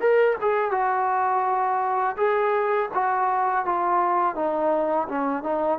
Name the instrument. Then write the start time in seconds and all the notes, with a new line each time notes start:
trombone
0.00 A#4
0.41 G#4
0.71 F#4
2.17 G#4
2.94 F#4
3.65 F4
4.35 D#4
5.08 C#4
5.43 D#4